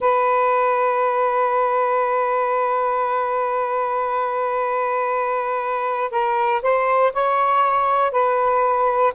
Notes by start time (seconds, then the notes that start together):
0.00 B4
6.10 A#4
6.61 C5
7.13 C#5
8.11 B4